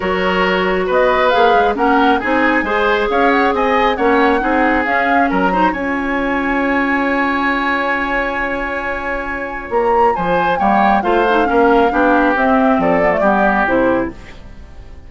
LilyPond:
<<
  \new Staff \with { instrumentName = "flute" } { \time 4/4 \tempo 4 = 136 cis''2 dis''4 f''4 | fis''4 gis''2 f''8 fis''8 | gis''4 fis''2 f''4 | ais''4 gis''2.~ |
gis''1~ | gis''2 ais''4 gis''4 | g''4 f''2. | e''4 d''2 c''4 | }
  \new Staff \with { instrumentName = "oboe" } { \time 4/4 ais'2 b'2 | ais'4 gis'4 c''4 cis''4 | dis''4 cis''4 gis'2 | ais'8 c''8 cis''2.~ |
cis''1~ | cis''2. c''4 | cis''4 c''4 ais'4 g'4~ | g'4 a'4 g'2 | }
  \new Staff \with { instrumentName = "clarinet" } { \time 4/4 fis'2. gis'4 | cis'4 dis'4 gis'2~ | gis'4 cis'4 dis'4 cis'4~ | cis'8 dis'8 f'2.~ |
f'1~ | f'1 | ais4 f'8 dis'8 cis'4 d'4 | c'4. b16 a16 b4 e'4 | }
  \new Staff \with { instrumentName = "bassoon" } { \time 4/4 fis2 b4 ais8 gis8 | ais4 c'4 gis4 cis'4 | c'4 ais4 c'4 cis'4 | fis4 cis'2.~ |
cis'1~ | cis'2 ais4 f4 | g4 a4 ais4 b4 | c'4 f4 g4 c4 | }
>>